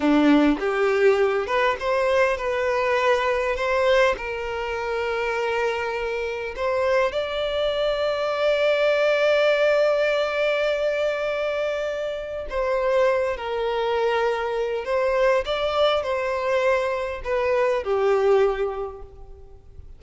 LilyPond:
\new Staff \with { instrumentName = "violin" } { \time 4/4 \tempo 4 = 101 d'4 g'4. b'8 c''4 | b'2 c''4 ais'4~ | ais'2. c''4 | d''1~ |
d''1~ | d''4 c''4. ais'4.~ | ais'4 c''4 d''4 c''4~ | c''4 b'4 g'2 | }